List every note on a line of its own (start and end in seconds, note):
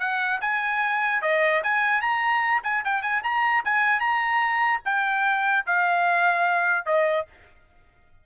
0.00 0.40 F#5
0.42 1.22 G#5
1.22 1.63 D#5
1.64 2.02 G#5
2.02 2.62 A#5
2.64 2.84 G#5
2.85 3.02 G5
3.02 3.23 G#5
3.24 3.64 A#5
3.65 4.00 G#5
4.00 4.81 A#5
4.85 5.66 G5
5.67 6.86 F5
6.86 7.26 D#5